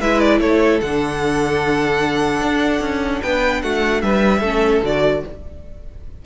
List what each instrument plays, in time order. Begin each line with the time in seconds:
0.00 cello G#3, viola E4, violin B4 E5
0.19 violin D5
0.40 cello A3, violin A4 C#5
0.81 cello D3, viola D4, violin F#5
2.41 cello D4
2.81 cello C#4
3.21 cello B3, violin B4 G5
3.62 cello A3, violin F#4 F#5
4.02 cello G3, violin B4 E5
4.40 cello A3, viola C#4, violin A4
4.83 cello D3, viola F#4, violin D5